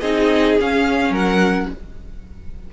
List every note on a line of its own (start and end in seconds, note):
0.00 0.57 C4
0.00 0.59 D#4
0.00 1.11 G#4
0.00 0.56 D#5
0.60 1.09 C#4
0.60 1.73 C#4
0.60 1.14 F5
1.09 1.66 F#3
1.09 1.67 A#4
1.09 1.70 F#5